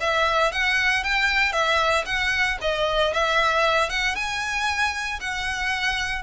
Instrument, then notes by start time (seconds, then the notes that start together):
violin
0.00 E5
0.52 F#5
1.03 G5
1.52 E5
2.05 F#5
2.61 D#5
3.13 E5
3.89 F#5
4.15 G#5
5.20 F#5